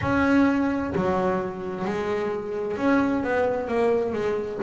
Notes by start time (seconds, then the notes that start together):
0.01 C#4
0.95 F#3
1.85 G#3
2.77 C#4
3.23 B3
3.67 A#3
4.12 G#3